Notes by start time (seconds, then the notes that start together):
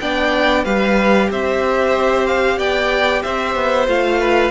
0.00 B3 D4 D5 G5
0.63 G3 G4 B4 F5
1.30 C4 C5 E5
2.26 F5
2.58 B3 D5 G5
3.22 C4 C5 E5
3.55 B3
3.87 A3 F4 F5
4.20 B4